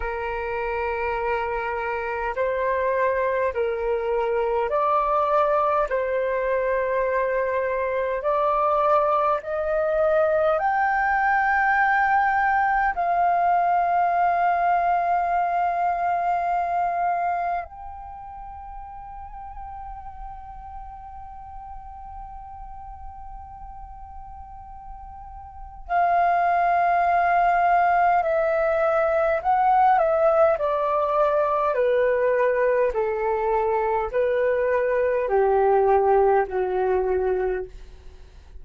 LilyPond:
\new Staff \with { instrumentName = "flute" } { \time 4/4 \tempo 4 = 51 ais'2 c''4 ais'4 | d''4 c''2 d''4 | dis''4 g''2 f''4~ | f''2. g''4~ |
g''1~ | g''2 f''2 | e''4 fis''8 e''8 d''4 b'4 | a'4 b'4 g'4 fis'4 | }